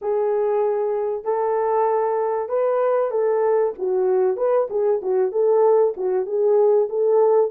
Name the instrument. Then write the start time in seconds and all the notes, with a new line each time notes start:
horn
0.01 G#4
1.23 A4
2.48 B4
3.10 A4
3.78 F#4
4.36 B4
4.70 G#4
5.01 F#4
5.31 A4
5.96 F#4
6.26 G#4
6.89 A4